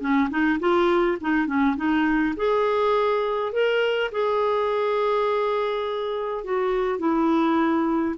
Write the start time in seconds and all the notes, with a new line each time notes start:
0.00 C#4
0.30 D#4
0.59 F4
1.21 D#4
1.46 C#4
1.76 D#4
2.36 G#4
3.52 A#4
4.11 G#4
6.44 F#4
6.98 E4